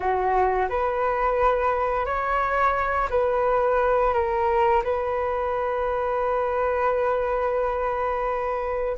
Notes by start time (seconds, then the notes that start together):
0.00 F#4
0.69 B4
2.05 C#5
3.10 B4
4.13 A#4
4.83 B4